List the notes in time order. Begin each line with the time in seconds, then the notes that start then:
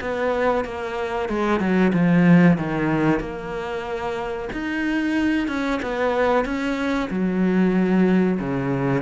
0.00 B3
0.64 A#3
1.28 G#3
1.60 F#3
1.93 F3
2.57 D#3
3.19 A#3
4.52 D#4
5.48 C#4
5.82 B3
6.45 C#4
7.10 F#3
8.40 C#3